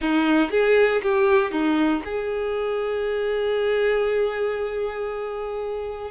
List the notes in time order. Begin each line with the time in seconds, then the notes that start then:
0.01 D#4
0.51 G#4
1.02 G4
1.51 D#4
2.05 G#4